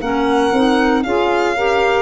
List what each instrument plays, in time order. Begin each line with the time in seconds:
0.00 tuba A#3, clarinet C#4, saxophone A#4, violin F#5
0.53 tuba C4, clarinet D#4
1.03 tuba C#4, clarinet F4, saxophone G#4, violin F5
1.55 clarinet G4, saxophone A#4